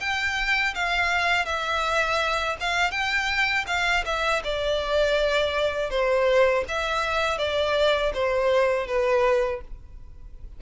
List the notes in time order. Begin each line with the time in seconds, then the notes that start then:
0.00 G5
0.74 F5
1.45 E5
2.60 F5
2.91 G5
3.67 F5
4.05 E5
4.43 D5
5.90 C5
6.68 E5
7.38 D5
8.13 C5
8.87 B4